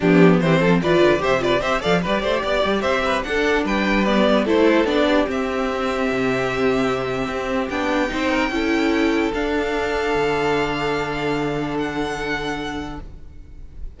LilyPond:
<<
  \new Staff \with { instrumentName = "violin" } { \time 4/4 \tempo 4 = 148 g'4 c''4 d''4 e''8 d''8 | e''8 f''8 d''2 e''4 | fis''4 g''4 d''4 c''4 | d''4 e''2.~ |
e''2. g''4~ | g''2. f''4~ | f''1~ | f''4 fis''2. | }
  \new Staff \with { instrumentName = "violin" } { \time 4/4 d'4 g'8 a'8 b'4 c''8 b'8 | c''8 d''8 b'8 c''8 d''4 c''8 b'8 | a'4 b'2 a'4~ | a'8 g'2.~ g'8~ |
g'1 | c''8 ais'8 a'2.~ | a'1~ | a'1 | }
  \new Staff \with { instrumentName = "viola" } { \time 4/4 b4 c'4 f'4 g'8 f'8 | g'8 a'8 g'2. | d'2 b4 e'4 | d'4 c'2.~ |
c'2. d'4 | dis'4 e'2 d'4~ | d'1~ | d'1 | }
  \new Staff \with { instrumentName = "cello" } { \time 4/4 f4 e8 f8 e8 d8 c4 | c'8 f8 g8 a8 b8 g8 c'4 | d'4 g2 a4 | b4 c'2 c4~ |
c2 c'4 b4 | c'4 cis'2 d'4~ | d'4 d2.~ | d1 | }
>>